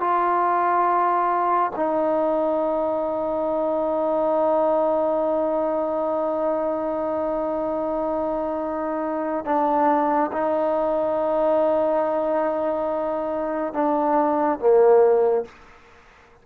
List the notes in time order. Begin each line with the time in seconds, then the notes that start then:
0.00 F4
1.76 D#4
9.45 D4
10.32 D#4
13.74 D4
14.59 A#3